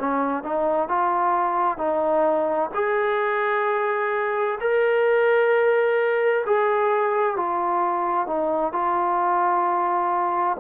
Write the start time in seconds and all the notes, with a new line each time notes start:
0.00 C#4
0.44 D#4
0.89 F4
1.78 D#4
2.74 G#4
4.61 A#4
6.46 G#4
7.37 F4
8.27 D#4
8.73 F4